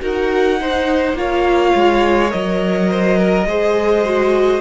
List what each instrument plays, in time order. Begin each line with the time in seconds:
0.00 cello D#4, viola F#4, violin A#4 F#5
0.61 viola D#4, violin C5
1.13 cello A#3, viola F4, violin C#5 F5
1.75 cello G#3
2.29 cello F#3, viola A#4, violin D#5
2.90 violin C5
3.18 violin A#4
3.45 cello G#3, viola G#4, violin C5
4.05 viola F#4